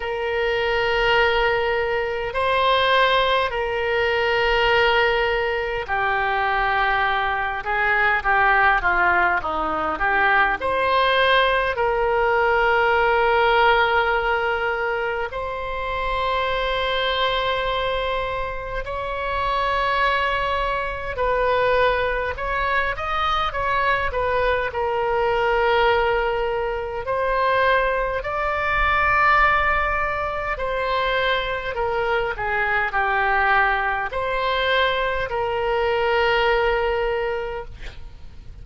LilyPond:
\new Staff \with { instrumentName = "oboe" } { \time 4/4 \tempo 4 = 51 ais'2 c''4 ais'4~ | ais'4 g'4. gis'8 g'8 f'8 | dis'8 g'8 c''4 ais'2~ | ais'4 c''2. |
cis''2 b'4 cis''8 dis''8 | cis''8 b'8 ais'2 c''4 | d''2 c''4 ais'8 gis'8 | g'4 c''4 ais'2 | }